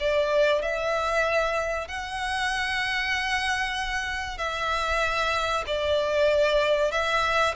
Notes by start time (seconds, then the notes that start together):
0.00 D5
0.62 E5
1.88 F#5
4.38 E5
5.67 D5
6.92 E5